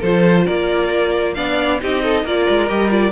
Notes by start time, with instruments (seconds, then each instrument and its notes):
0.00 cello F3, viola F4, violin A4 C5
0.46 cello A#3, violin A#4 D5
1.34 cello B3, viola D4, violin D5 F5
1.81 cello C4, viola D#4, violin G4 D#5
2.04 violin A4
2.24 cello A#3, viola F4, violin A#4 D5
2.49 cello G#3
2.68 cello G3, viola G4, violin D#5
2.89 viola F4, violin D5